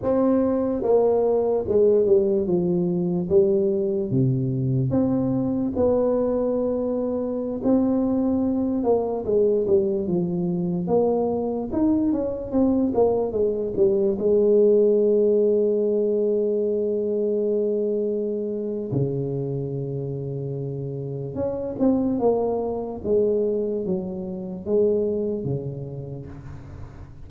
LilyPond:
\new Staff \with { instrumentName = "tuba" } { \time 4/4 \tempo 4 = 73 c'4 ais4 gis8 g8 f4 | g4 c4 c'4 b4~ | b4~ b16 c'4. ais8 gis8 g16~ | g16 f4 ais4 dis'8 cis'8 c'8 ais16~ |
ais16 gis8 g8 gis2~ gis8.~ | gis2. cis4~ | cis2 cis'8 c'8 ais4 | gis4 fis4 gis4 cis4 | }